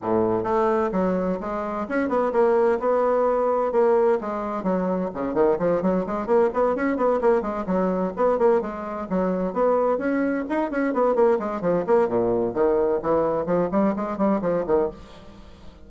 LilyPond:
\new Staff \with { instrumentName = "bassoon" } { \time 4/4 \tempo 4 = 129 a,4 a4 fis4 gis4 | cis'8 b8 ais4 b2 | ais4 gis4 fis4 cis8 dis8 | f8 fis8 gis8 ais8 b8 cis'8 b8 ais8 |
gis8 fis4 b8 ais8 gis4 fis8~ | fis8 b4 cis'4 dis'8 cis'8 b8 | ais8 gis8 f8 ais8 ais,4 dis4 | e4 f8 g8 gis8 g8 f8 dis8 | }